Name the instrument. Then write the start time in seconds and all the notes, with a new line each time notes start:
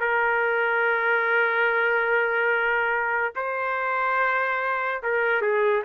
trumpet
0.00 A#4
3.35 C5
5.03 A#4
5.41 G#4